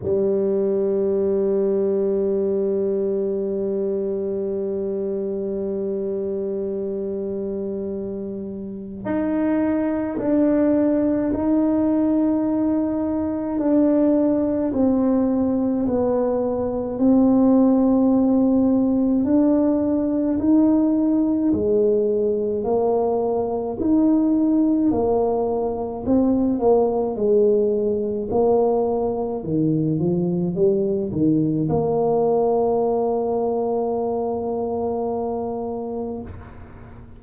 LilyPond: \new Staff \with { instrumentName = "tuba" } { \time 4/4 \tempo 4 = 53 g1~ | g1 | dis'4 d'4 dis'2 | d'4 c'4 b4 c'4~ |
c'4 d'4 dis'4 gis4 | ais4 dis'4 ais4 c'8 ais8 | gis4 ais4 dis8 f8 g8 dis8 | ais1 | }